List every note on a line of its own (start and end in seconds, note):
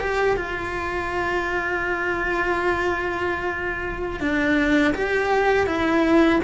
0.00 0.37 G4
0.37 4.20 F4
4.20 4.94 D4
4.94 5.67 G4
5.67 6.40 E4